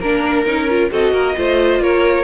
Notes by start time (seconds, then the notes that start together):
0.00 A#3 D4 A#4
0.46 C#4 D#4
0.69 F4
0.91 C4 F#4 A4 D#5
1.12 A#3 A#4
1.37 A3 F4 C5
1.81 A#3 A#4 C#5